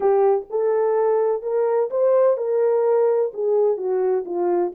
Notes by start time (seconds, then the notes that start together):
0.00 G4
0.49 A4
1.42 A#4
1.90 C5
2.37 A#4
3.33 G#4
3.77 F#4
4.25 F4